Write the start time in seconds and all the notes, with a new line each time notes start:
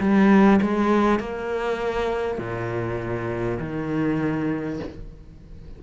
0.00 G3
0.62 G#3
1.19 A#3
2.38 A#2
3.59 D#3